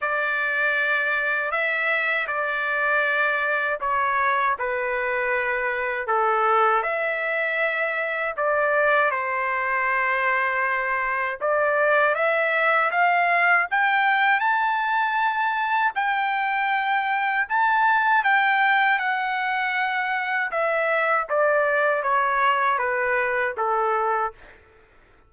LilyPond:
\new Staff \with { instrumentName = "trumpet" } { \time 4/4 \tempo 4 = 79 d''2 e''4 d''4~ | d''4 cis''4 b'2 | a'4 e''2 d''4 | c''2. d''4 |
e''4 f''4 g''4 a''4~ | a''4 g''2 a''4 | g''4 fis''2 e''4 | d''4 cis''4 b'4 a'4 | }